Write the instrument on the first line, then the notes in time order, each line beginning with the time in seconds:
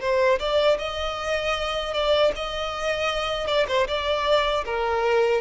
violin
0.00 C5
0.39 D5
0.78 D#5
1.93 D5
2.35 D#5
3.47 D5
3.67 C5
3.87 D5
4.65 A#4